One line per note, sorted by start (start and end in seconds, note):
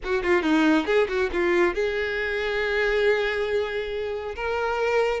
0.03 0.23 F#4
0.23 0.42 F4
0.42 0.86 D#4
0.86 1.07 G#4
1.08 1.30 F#4
1.33 1.74 F4
1.74 4.35 G#4
4.35 5.20 A#4